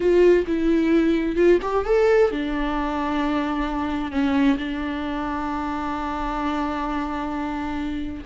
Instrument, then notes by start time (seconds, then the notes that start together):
viola
0.00 F4
0.47 E4
1.36 F4
1.62 G4
1.85 A4
2.31 D4
4.11 C#4
4.57 D4